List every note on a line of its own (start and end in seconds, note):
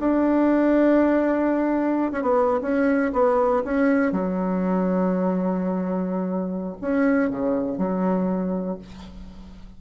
0.00 2.12 D4
2.12 2.22 C#4
2.22 2.60 B3
2.62 3.12 C#4
3.13 3.63 B3
3.64 4.12 C#4
4.12 6.77 F#3
6.81 7.30 C#4
7.30 7.78 C#3
7.78 8.79 F#3